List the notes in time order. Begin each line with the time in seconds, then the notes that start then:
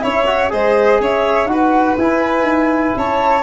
0.00 C#4 E4 C#5 E5
0.26 F#4
0.50 G#3 G#4 C5 D#5
1.00 C#4 C#5 E5
1.46 D#4 F#4 B4 F#5
1.98 E4 G#5
2.43 D#4
2.96 C#4 C#5 A5